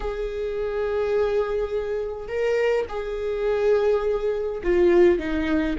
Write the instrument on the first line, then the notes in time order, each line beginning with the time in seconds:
viola
0.00 G#4
2.28 A#4
2.88 G#4
4.63 F4
5.18 D#4